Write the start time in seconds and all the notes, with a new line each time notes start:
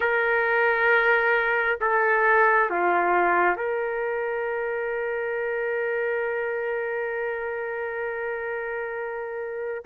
0.00 A#4
1.81 A4
2.70 F4
3.56 A#4